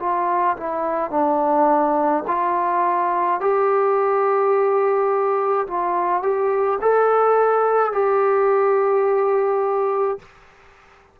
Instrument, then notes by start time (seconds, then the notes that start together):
trombone
0.00 F4
0.57 E4
1.11 D4
2.27 F4
3.41 G4
5.68 F4
6.23 G4
6.81 A4
7.93 G4